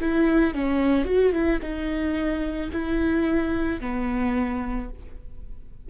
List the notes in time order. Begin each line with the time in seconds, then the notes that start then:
0.00 E4
0.54 C#4
1.05 F#4
1.32 E4
1.61 D#4
2.72 E4
3.80 B3